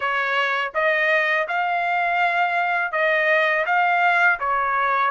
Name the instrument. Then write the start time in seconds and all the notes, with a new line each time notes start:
trumpet
0.00 C#5
0.74 D#5
1.47 F5
2.92 D#5
3.66 F5
4.39 C#5